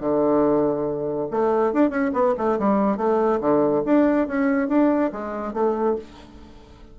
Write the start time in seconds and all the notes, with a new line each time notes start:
0.00 D3
1.30 A3
1.73 D4
1.90 C#4
2.13 B3
2.37 A3
2.59 G3
2.97 A3
3.40 D3
3.85 D4
4.27 C#4
4.68 D4
5.12 G#3
5.53 A3